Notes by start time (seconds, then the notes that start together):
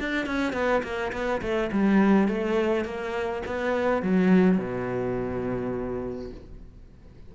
0.00 D4
0.26 C#4
0.53 B3
0.84 A#3
1.13 B3
1.42 A3
1.73 G3
2.28 A3
2.85 A#3
3.46 B3
4.03 F#3
4.59 B2